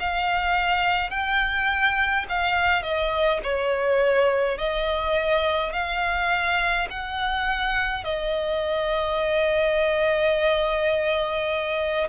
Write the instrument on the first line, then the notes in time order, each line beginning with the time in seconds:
violin
0.00 F5
1.10 G5
2.29 F5
2.82 D#5
3.43 C#5
4.57 D#5
5.72 F5
6.90 F#5
8.04 D#5